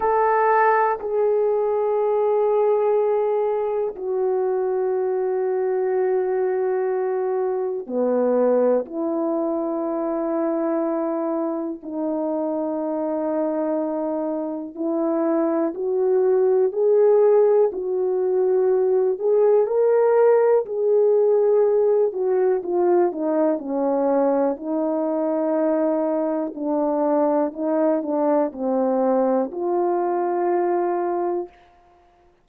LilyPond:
\new Staff \with { instrumentName = "horn" } { \time 4/4 \tempo 4 = 61 a'4 gis'2. | fis'1 | b4 e'2. | dis'2. e'4 |
fis'4 gis'4 fis'4. gis'8 | ais'4 gis'4. fis'8 f'8 dis'8 | cis'4 dis'2 d'4 | dis'8 d'8 c'4 f'2 | }